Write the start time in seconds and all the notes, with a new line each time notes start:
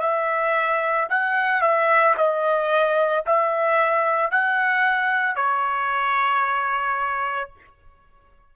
0.00 E5
1.09 F#5
1.62 E5
2.17 D#5
3.26 E5
4.31 F#5
5.36 C#5